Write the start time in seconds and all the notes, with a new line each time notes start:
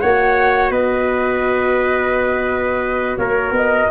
0.00 A#3 F#4 C#5 F#5
0.71 B3 B4 D#5
3.17 A#3 A#4 C#5
3.51 B3 D#5